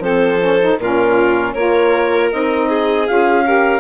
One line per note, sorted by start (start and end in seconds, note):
0.00 0.76 F3
0.00 0.40 C4
0.00 0.79 A4
0.00 0.79 C5
0.40 0.59 C#4
0.61 0.80 D#4
0.79 1.55 A#2
0.79 1.56 C#4
0.79 1.54 F4
0.79 1.54 A#4
1.54 2.31 A#3
1.54 2.32 F4
1.54 2.68 A#4
1.54 2.30 C#5
2.32 3.09 C4
2.32 3.07 D#4
2.32 3.07 D#5
2.69 3.45 G#4
3.07 3.80 C#4
3.07 3.45 F4
3.07 3.80 F5
3.45 3.80 G4
3.45 3.80 A#4